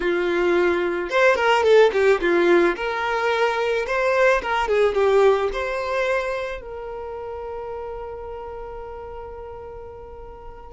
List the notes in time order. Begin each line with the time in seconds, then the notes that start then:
0.00 F4
1.10 C5
1.35 A#4
1.63 A4
1.92 G4
2.20 F4
2.76 A#4
3.86 C5
4.42 A#4
4.68 G#4
4.94 G4
5.52 C5
6.61 A#4